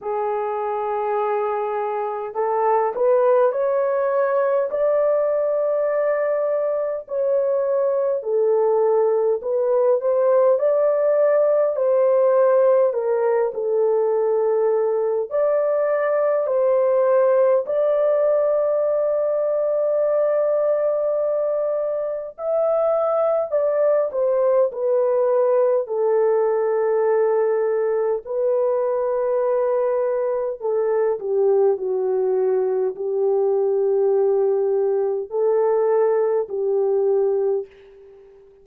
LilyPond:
\new Staff \with { instrumentName = "horn" } { \time 4/4 \tempo 4 = 51 gis'2 a'8 b'8 cis''4 | d''2 cis''4 a'4 | b'8 c''8 d''4 c''4 ais'8 a'8~ | a'4 d''4 c''4 d''4~ |
d''2. e''4 | d''8 c''8 b'4 a'2 | b'2 a'8 g'8 fis'4 | g'2 a'4 g'4 | }